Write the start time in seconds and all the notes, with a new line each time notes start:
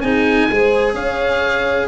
0.00 C4 D#4 G#4 G#5
0.50 G#3 G#4 C5
0.94 C#4 C#5 F5